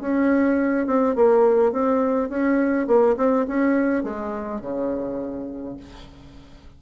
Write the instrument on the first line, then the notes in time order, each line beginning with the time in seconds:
bassoon
0.00 C#4
0.86 C4
1.15 A#3
1.72 C4
2.29 C#4
2.86 A#3
3.17 C4
3.48 C#4
4.03 G#3
4.61 C#3